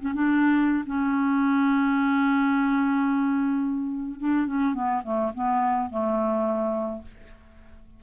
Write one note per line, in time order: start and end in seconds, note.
0.00 0.14 C#4
0.15 0.85 D4
0.86 4.20 C#4
4.20 4.47 D4
4.47 4.74 C#4
4.74 5.02 B3
5.04 5.32 A3
5.34 5.90 B3
5.90 7.02 A3